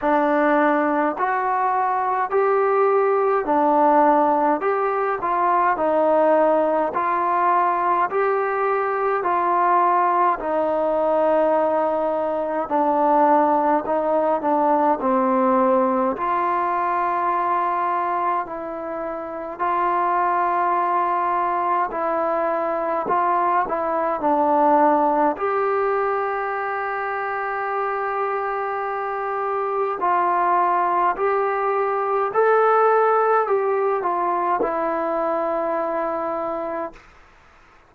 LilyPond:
\new Staff \with { instrumentName = "trombone" } { \time 4/4 \tempo 4 = 52 d'4 fis'4 g'4 d'4 | g'8 f'8 dis'4 f'4 g'4 | f'4 dis'2 d'4 | dis'8 d'8 c'4 f'2 |
e'4 f'2 e'4 | f'8 e'8 d'4 g'2~ | g'2 f'4 g'4 | a'4 g'8 f'8 e'2 | }